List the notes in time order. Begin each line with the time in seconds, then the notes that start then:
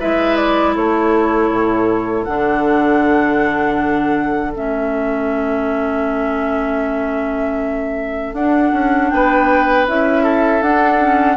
0.00 G#3 E4 B4 E5
0.36 D5
0.75 A3 A4 C#5
1.50 A2
2.24 D3 D4 F#5
4.55 A3 C#4 E5
8.34 D4 F#5
8.73 C#4
9.10 B3 B4 G5
9.88 C#4 E4 E5
10.23 A4
10.61 D4 F#5
10.99 C#4